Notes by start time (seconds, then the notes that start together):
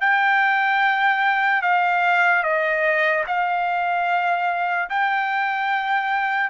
0.00 G5
1.62 F5
2.43 D#5
3.27 F5
4.89 G5